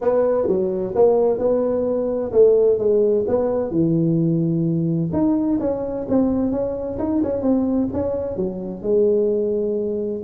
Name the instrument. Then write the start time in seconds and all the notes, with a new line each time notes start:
tuba
0.01 B3
0.47 F#3
0.95 A#3
1.38 B3
2.32 A3
2.78 G#3
3.27 B3
3.71 E3
5.12 D#4
5.60 C#4
6.08 C4
6.51 C#4
6.98 D#4
7.23 C#4
7.42 C4
7.92 C#4
8.36 F#3
8.82 G#3